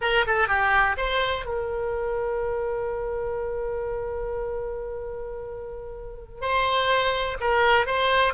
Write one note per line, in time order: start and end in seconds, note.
0.01 0.25 A#4
0.26 0.48 A4
0.48 0.96 G4
0.97 1.45 C5
1.45 6.41 A#4
6.41 7.37 C5
7.40 7.86 A#4
7.86 8.33 C5